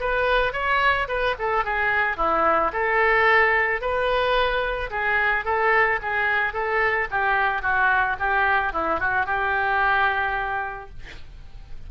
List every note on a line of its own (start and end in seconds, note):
0.00 0.53 B4
0.53 1.08 C#5
1.08 1.35 B4
1.39 1.65 A4
1.65 2.17 G#4
2.17 2.71 E4
2.73 3.81 A4
3.81 4.90 B4
4.90 5.45 G#4
5.45 6.00 A4
6.02 6.53 G#4
6.53 7.08 A4
7.11 7.62 G4
7.62 8.17 F#4
8.19 8.73 G4
8.73 9.00 E4
9.00 9.26 F#4
9.26 10.90 G4